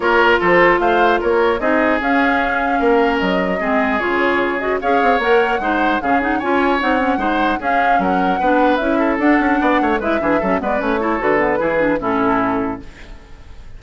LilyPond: <<
  \new Staff \with { instrumentName = "flute" } { \time 4/4 \tempo 4 = 150 cis''4 c''4 f''4 cis''4 | dis''4 f''2. | dis''2 cis''4. dis''8 | f''4 fis''2 f''8 fis''8 |
gis''4 fis''2 f''4 | fis''2 e''4 fis''4~ | fis''4 e''4. d''8 cis''4 | b'2 a'2 | }
  \new Staff \with { instrumentName = "oboe" } { \time 4/4 ais'4 a'4 c''4 ais'4 | gis'2. ais'4~ | ais'4 gis'2. | cis''2 c''4 gis'4 |
cis''2 c''4 gis'4 | ais'4 b'4. a'4. | d''8 cis''8 b'8 gis'8 a'8 b'4 a'8~ | a'4 gis'4 e'2 | }
  \new Staff \with { instrumentName = "clarinet" } { \time 4/4 f'1 | dis'4 cis'2.~ | cis'4 c'4 f'4. fis'8 | gis'4 ais'4 dis'4 cis'8 dis'8 |
f'4 dis'8 cis'8 dis'4 cis'4~ | cis'4 d'4 e'4 d'4~ | d'4 e'8 d'8 cis'8 b8 cis'8 e'8 | fis'8 b8 e'8 d'8 cis'2 | }
  \new Staff \with { instrumentName = "bassoon" } { \time 4/4 ais4 f4 a4 ais4 | c'4 cis'2 ais4 | fis4 gis4 cis2 | cis'8 c'8 ais4 gis4 cis4 |
cis'4 c'4 gis4 cis'4 | fis4 b4 cis'4 d'8 cis'8 | b8 a8 gis8 e8 fis8 gis8 a4 | d4 e4 a,2 | }
>>